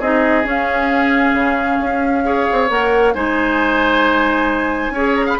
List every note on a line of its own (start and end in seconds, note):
0.00 0.44 C4
0.00 0.44 D#4
0.00 2.24 G#4
0.00 0.46 D#5
0.44 2.23 C#4
0.44 1.33 C#4
0.44 2.71 F5
1.33 1.78 C#3
1.81 2.48 C#4
2.23 2.68 G#4
2.23 3.15 C#5
2.52 2.70 C4
2.70 3.15 A#3
2.70 3.14 A#4
2.70 3.14 F#5
3.14 4.90 G#3
3.14 4.94 D#4
3.14 4.93 C5
3.14 5.16 G#5
4.90 5.35 C#4
4.90 5.40 G#4
4.90 5.26 C#5
5.16 5.27 A#5
5.26 5.37 F5
5.26 5.40 B5